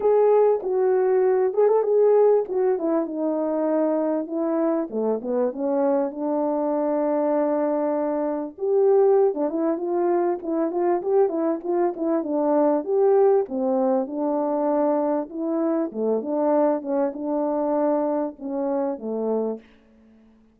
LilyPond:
\new Staff \with { instrumentName = "horn" } { \time 4/4 \tempo 4 = 98 gis'4 fis'4. gis'16 a'16 gis'4 | fis'8 e'8 dis'2 e'4 | a8 b8 cis'4 d'2~ | d'2 g'4~ g'16 d'16 e'8 |
f'4 e'8 f'8 g'8 e'8 f'8 e'8 | d'4 g'4 c'4 d'4~ | d'4 e'4 a8 d'4 cis'8 | d'2 cis'4 a4 | }